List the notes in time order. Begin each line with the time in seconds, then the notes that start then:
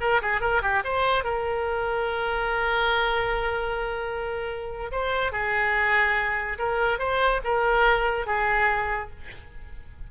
0.00 A#4
0.21 G#4
0.41 A#4
0.62 G4
0.84 C5
1.24 A#4
4.91 C5
5.32 G#4
6.58 A#4
6.98 C5
7.43 A#4
8.26 G#4